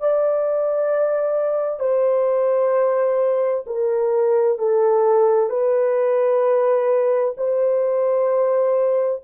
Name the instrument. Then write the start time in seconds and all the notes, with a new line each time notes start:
horn
0.00 D5
1.79 C5
3.66 A#4
4.58 A4
5.49 B4
7.37 C5